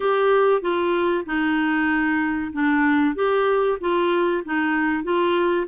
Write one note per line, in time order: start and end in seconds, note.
0.00 0.61 G4
0.61 1.24 F4
1.25 2.51 D#4
2.52 3.15 D4
3.15 3.78 G4
3.80 4.43 F4
4.44 5.03 D#4
5.03 5.66 F4